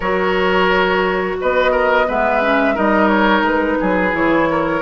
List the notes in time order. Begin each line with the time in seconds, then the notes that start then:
0.00 F#3 F#4 A#4 C#5
1.40 B3 B4 D#5
1.71 A#4
2.07 G#3 B3 B4 E5
2.41 C#4
2.74 G3 D#4 A#4 D#5
3.08 C#5
3.41 G#3 B4
3.80 F#3 G#4
4.11 E3 E4 C#5
4.50 A#4